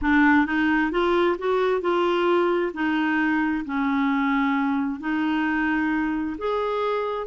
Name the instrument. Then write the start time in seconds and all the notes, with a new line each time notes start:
clarinet
0.01 D4
0.46 D#4
0.91 F4
1.38 F#4
1.81 F4
2.73 D#4
3.65 C#4
5.00 D#4
6.37 G#4